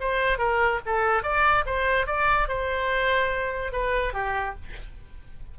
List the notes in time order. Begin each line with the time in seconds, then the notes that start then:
0.00 C5
0.38 A#4
0.86 A4
1.23 D5
1.66 C5
2.06 D5
2.48 C5
3.72 B4
4.13 G4